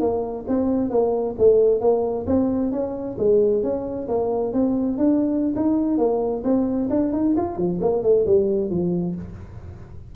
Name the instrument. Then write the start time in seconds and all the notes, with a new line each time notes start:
tuba
0.00 A#3
0.48 C4
0.90 A#3
1.38 A3
1.80 A#3
2.27 C4
2.72 C#4
3.18 G#3
3.63 C#4
4.08 A#3
4.53 C4
4.97 D4
5.55 D#4
5.98 A#3
6.44 C4
6.90 D4
7.12 D#4
7.36 F4
7.57 F3
7.81 A#3
8.03 A3
8.26 G3
8.70 F3